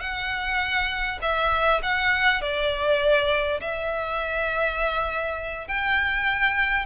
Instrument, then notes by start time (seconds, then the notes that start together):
violin
0.00 F#5
1.22 E5
1.83 F#5
2.42 D5
3.60 E5
5.68 G5